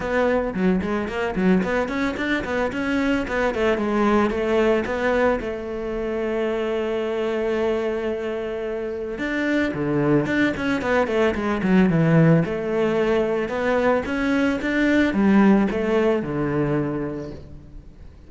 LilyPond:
\new Staff \with { instrumentName = "cello" } { \time 4/4 \tempo 4 = 111 b4 fis8 gis8 ais8 fis8 b8 cis'8 | d'8 b8 cis'4 b8 a8 gis4 | a4 b4 a2~ | a1~ |
a4 d'4 d4 d'8 cis'8 | b8 a8 gis8 fis8 e4 a4~ | a4 b4 cis'4 d'4 | g4 a4 d2 | }